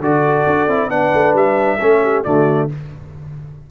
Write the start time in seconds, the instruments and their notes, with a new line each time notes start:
0.00 tuba D3, trombone F#4, horn A4, trumpet D5
0.46 tuba D4
0.68 tuba C4, trombone E4
0.89 tuba B3, trombone D4, horn B4, trumpet F#5
1.13 tuba A3
1.34 tuba G3, trumpet E5
1.78 tuba A3, trombone C#4, horn A4
2.03 horn G4
2.23 tuba D3, trombone A3, horn F#4, trumpet D5